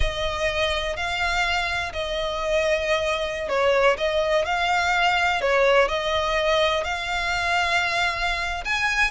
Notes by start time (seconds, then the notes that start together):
0.00 D#5
0.96 F5
1.92 D#5
3.48 C#5
3.97 D#5
4.45 F5
5.41 C#5
5.88 D#5
6.84 F5
8.64 G#5